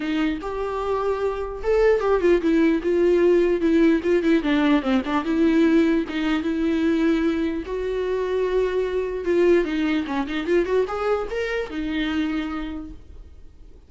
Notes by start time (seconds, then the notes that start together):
0.00 D#4
0.41 G4
1.63 A4
2.00 G4
2.21 F4
2.41 E4
2.82 F4
3.60 E4
4.03 F4
4.22 E4
4.42 D4
4.82 C4
5.05 D4
5.24 E4
6.08 D#4
6.42 E4
7.65 F#4
9.24 F4
9.65 D#4
10.06 C#4
10.27 D#4
10.46 F4
10.65 F#4
10.87 G#4
11.30 A#4
11.70 D#4